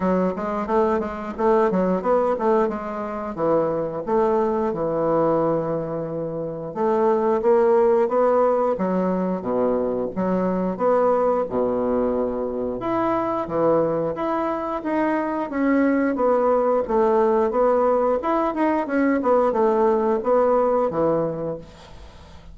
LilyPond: \new Staff \with { instrumentName = "bassoon" } { \time 4/4 \tempo 4 = 89 fis8 gis8 a8 gis8 a8 fis8 b8 a8 | gis4 e4 a4 e4~ | e2 a4 ais4 | b4 fis4 b,4 fis4 |
b4 b,2 e'4 | e4 e'4 dis'4 cis'4 | b4 a4 b4 e'8 dis'8 | cis'8 b8 a4 b4 e4 | }